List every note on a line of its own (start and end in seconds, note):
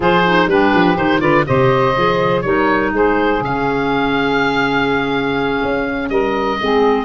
0.00 0.47 F3
0.00 0.24 F4
0.00 0.48 G#4
0.00 0.49 C5
0.26 0.49 D#4
0.47 0.71 G3
0.47 0.95 D4
0.47 1.20 G4
0.47 0.97 B4
0.74 0.97 F3
0.95 1.21 D#3
0.95 1.20 D#4
0.95 1.20 C5
1.20 1.45 D3
1.20 1.44 F4
1.20 1.44 B4
1.20 1.44 D5
1.45 1.97 C3
1.45 1.94 G4
1.45 2.45 C5
1.45 2.41 D#5
1.96 2.44 F3
1.96 2.44 G#4
2.41 2.92 G3
2.41 3.41 D#4
2.41 2.93 A#4
2.41 2.90 C#5
2.92 3.40 G#3
2.92 6.10 G#4
2.92 3.44 C5
3.40 5.60 C#3
3.40 6.58 C#4
3.40 6.09 F5
5.62 6.09 C#4
6.09 6.58 G3
6.09 6.59 A#4
6.09 7.05 D#5
6.60 7.05 G#3
6.60 7.05 C4
6.60 7.05 G#4